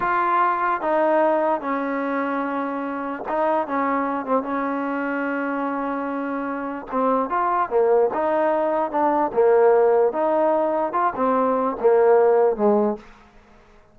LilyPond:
\new Staff \with { instrumentName = "trombone" } { \time 4/4 \tempo 4 = 148 f'2 dis'2 | cis'1 | dis'4 cis'4. c'8 cis'4~ | cis'1~ |
cis'4 c'4 f'4 ais4 | dis'2 d'4 ais4~ | ais4 dis'2 f'8 c'8~ | c'4 ais2 gis4 | }